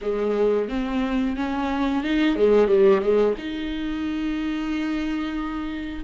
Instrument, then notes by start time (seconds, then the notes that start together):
viola
0.01 G#3
0.69 C4
1.36 C#4
2.03 D#4
2.36 G#3
2.67 G3
3.01 G#3
3.38 D#4